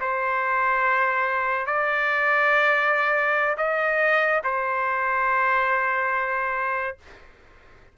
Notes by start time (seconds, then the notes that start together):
0.00 C5
1.66 D5
3.57 D#5
4.44 C5